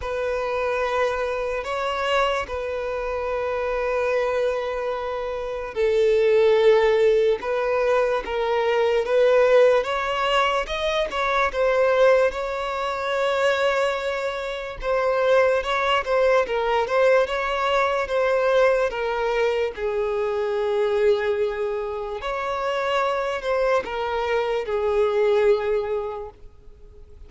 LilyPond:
\new Staff \with { instrumentName = "violin" } { \time 4/4 \tempo 4 = 73 b'2 cis''4 b'4~ | b'2. a'4~ | a'4 b'4 ais'4 b'4 | cis''4 dis''8 cis''8 c''4 cis''4~ |
cis''2 c''4 cis''8 c''8 | ais'8 c''8 cis''4 c''4 ais'4 | gis'2. cis''4~ | cis''8 c''8 ais'4 gis'2 | }